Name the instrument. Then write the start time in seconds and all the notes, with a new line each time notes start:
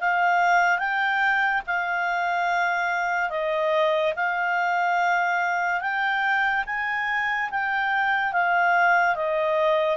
clarinet
0.00 F5
0.78 G5
1.66 F5
3.30 D#5
4.16 F5
5.81 G5
6.66 G#5
7.50 G5
8.32 F5
9.15 D#5